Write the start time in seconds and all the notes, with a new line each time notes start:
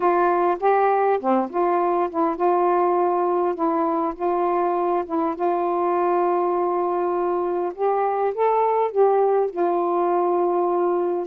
0.00 F4
0.60 G4
1.20 C4
1.50 F4
2.10 E4
2.36 F4
3.54 E4
4.15 F4
5.05 E4
5.35 F4
7.74 G4
8.34 A4
8.91 G4
9.50 F4